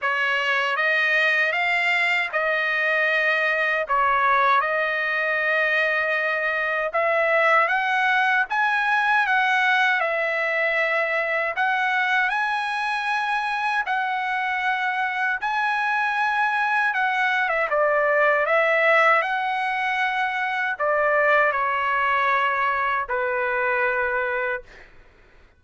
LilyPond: \new Staff \with { instrumentName = "trumpet" } { \time 4/4 \tempo 4 = 78 cis''4 dis''4 f''4 dis''4~ | dis''4 cis''4 dis''2~ | dis''4 e''4 fis''4 gis''4 | fis''4 e''2 fis''4 |
gis''2 fis''2 | gis''2 fis''8. e''16 d''4 | e''4 fis''2 d''4 | cis''2 b'2 | }